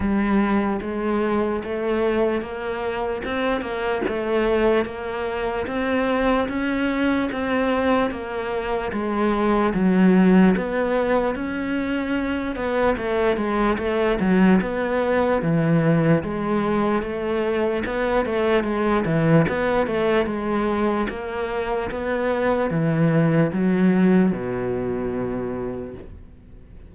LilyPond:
\new Staff \with { instrumentName = "cello" } { \time 4/4 \tempo 4 = 74 g4 gis4 a4 ais4 | c'8 ais8 a4 ais4 c'4 | cis'4 c'4 ais4 gis4 | fis4 b4 cis'4. b8 |
a8 gis8 a8 fis8 b4 e4 | gis4 a4 b8 a8 gis8 e8 | b8 a8 gis4 ais4 b4 | e4 fis4 b,2 | }